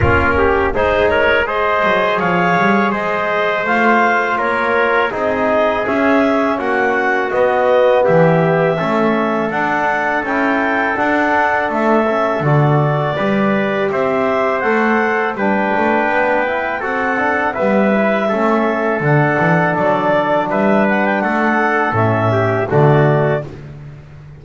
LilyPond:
<<
  \new Staff \with { instrumentName = "clarinet" } { \time 4/4 \tempo 4 = 82 ais'4 c''8 cis''8 dis''4 f''4 | dis''4 f''4 cis''4 dis''4 | e''4 fis''4 dis''4 e''4~ | e''4 fis''4 g''4 fis''4 |
e''4 d''2 e''4 | fis''4 g''2 fis''4 | e''2 fis''4 d''4 | e''8 fis''16 g''16 fis''4 e''4 d''4 | }
  \new Staff \with { instrumentName = "trumpet" } { \time 4/4 f'8 g'8 gis'8 ais'8 c''4 cis''4 | c''2 ais'4 gis'4~ | gis'4 fis'2 g'4 | a'1~ |
a'2 b'4 c''4~ | c''4 b'2 a'4 | b'4 a'2. | b'4 a'4. g'8 fis'4 | }
  \new Staff \with { instrumentName = "trombone" } { \time 4/4 cis'4 dis'4 gis'2~ | gis'4 f'2 dis'4 | cis'2 b2 | cis'4 d'4 e'4 d'4~ |
d'8 cis'8 fis'4 g'2 | a'4 d'4. e'8 fis'8 d'8 | b8 e'8 cis'4 d'2~ | d'2 cis'4 a4 | }
  \new Staff \with { instrumentName = "double bass" } { \time 4/4 ais4 gis4. fis8 f8 g8 | gis4 a4 ais4 c'4 | cis'4 ais4 b4 e4 | a4 d'4 cis'4 d'4 |
a4 d4 g4 c'4 | a4 g8 a8 b4 c'4 | g4 a4 d8 e8 fis4 | g4 a4 a,4 d4 | }
>>